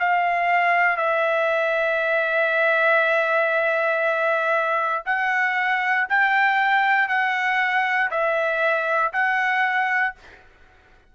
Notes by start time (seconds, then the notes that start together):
0.00 F5
0.97 E5
5.06 F#5
6.10 G5
7.09 F#5
8.11 E5
9.13 F#5